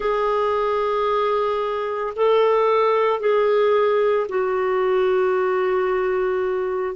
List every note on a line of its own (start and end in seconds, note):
0.00 2.13 G#4
2.16 3.19 A4
3.19 4.27 G#4
4.29 6.95 F#4